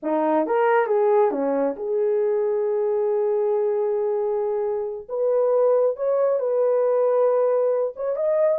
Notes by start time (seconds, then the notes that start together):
0.02 D#4
0.46 A#4
0.86 G#4
1.31 C#4
1.76 G#4
5.09 B4
5.96 C#5
6.39 B4
7.96 C#5
8.16 D#5